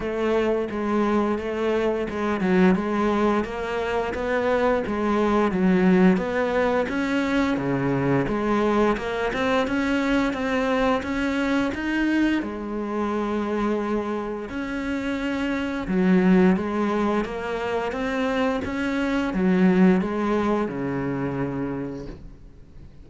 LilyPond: \new Staff \with { instrumentName = "cello" } { \time 4/4 \tempo 4 = 87 a4 gis4 a4 gis8 fis8 | gis4 ais4 b4 gis4 | fis4 b4 cis'4 cis4 | gis4 ais8 c'8 cis'4 c'4 |
cis'4 dis'4 gis2~ | gis4 cis'2 fis4 | gis4 ais4 c'4 cis'4 | fis4 gis4 cis2 | }